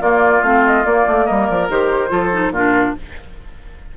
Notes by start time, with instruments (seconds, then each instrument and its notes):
0.00 clarinet A#3, bassoon A#3, oboe F4, flute D5
0.43 bassoon A3, clarinet C4, flute F5
0.66 flute D#5
0.85 clarinet A#3, bassoon A#3, flute D5
1.07 bassoon A3
1.26 bassoon G3, oboe A#4, flute D#5
1.47 bassoon F3, flute D5
1.69 bassoon D#3, clarinet G4, flute C5
2.09 bassoon F3, clarinet F4, oboe A4
2.32 clarinet D#4
2.51 bassoon A#2, clarinet D4, oboe F4, flute A#4